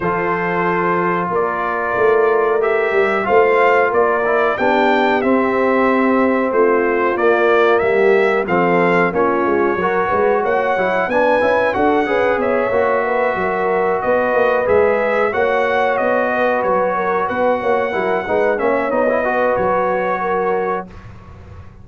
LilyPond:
<<
  \new Staff \with { instrumentName = "trumpet" } { \time 4/4 \tempo 4 = 92 c''2 d''2 | e''4 f''4 d''4 g''4 | e''2 c''4 d''4 | e''4 f''4 cis''2 |
fis''4 gis''4 fis''4 e''4~ | e''4. dis''4 e''4 fis''8~ | fis''8 dis''4 cis''4 fis''4.~ | fis''8 e''8 dis''4 cis''2 | }
  \new Staff \with { instrumentName = "horn" } { \time 4/4 a'2 ais'2~ | ais'4 c''4 ais'4 g'4~ | g'2 f'2 | g'4 a'4 f'4 ais'8 b'8 |
cis''4 b'4 a'8 b'8 cis''4 | b'8 ais'4 b'2 cis''8~ | cis''4 b'4 ais'8 b'8 cis''8 ais'8 | b'8 cis''4 b'4. ais'4 | }
  \new Staff \with { instrumentName = "trombone" } { \time 4/4 f'1 | g'4 f'4. e'8 d'4 | c'2. ais4~ | ais4 c'4 cis'4 fis'4~ |
fis'8 e'8 d'8 e'8 fis'8 gis'4 fis'8~ | fis'2~ fis'8 gis'4 fis'8~ | fis'2.~ fis'8 e'8 | dis'8 cis'8 dis'16 e'16 fis'2~ fis'8 | }
  \new Staff \with { instrumentName = "tuba" } { \time 4/4 f2 ais4 a4~ | a8 g8 a4 ais4 b4 | c'2 a4 ais4 | g4 f4 ais8 gis8 fis8 gis8 |
ais8 fis8 b8 cis'8 d'8 cis'8 b8 ais8~ | ais8 fis4 b8 ais8 gis4 ais8~ | ais8 b4 fis4 b8 ais8 fis8 | gis8 ais8 b4 fis2 | }
>>